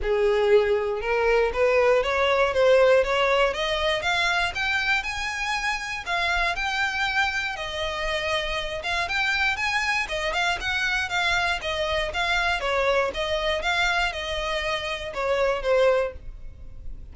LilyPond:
\new Staff \with { instrumentName = "violin" } { \time 4/4 \tempo 4 = 119 gis'2 ais'4 b'4 | cis''4 c''4 cis''4 dis''4 | f''4 g''4 gis''2 | f''4 g''2 dis''4~ |
dis''4. f''8 g''4 gis''4 | dis''8 f''8 fis''4 f''4 dis''4 | f''4 cis''4 dis''4 f''4 | dis''2 cis''4 c''4 | }